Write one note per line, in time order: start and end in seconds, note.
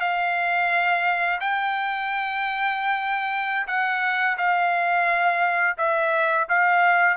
0.00 1.40 F5
1.40 3.67 G5
3.67 4.37 F#5
4.37 5.77 F5
5.77 6.47 E5
6.49 7.17 F5